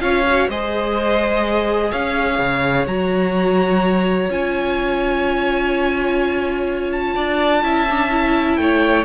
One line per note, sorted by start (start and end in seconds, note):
0.00 0.49 C#4
0.00 0.24 F4
0.00 0.50 C#5
0.00 0.49 F5
0.28 0.51 F#4
0.49 1.92 G#3
0.49 2.87 G#4
0.49 1.91 C5
0.49 1.92 D#5
1.91 2.39 C#4
1.91 7.15 C#5
1.91 2.87 F5
2.39 2.87 C#3
2.87 4.30 F#3
2.87 4.29 F#4
2.87 4.30 A#5
4.30 7.15 C#4
4.30 7.63 F4
4.30 6.92 G#5
6.92 8.57 A5
7.15 7.63 D4
7.15 7.63 D5
7.63 8.58 C#4
7.63 7.87 E4
7.63 8.59 E5
7.90 8.11 D4
8.11 9.05 E4
8.57 9.05 A3
8.57 9.05 C#5
8.57 9.05 G5